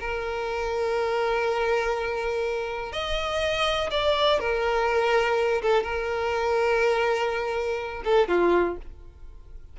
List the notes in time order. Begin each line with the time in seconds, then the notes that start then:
0.00 A#4
2.92 D#5
3.91 D5
4.40 A#4
5.62 A4
5.83 A#4
8.04 A4
8.28 F4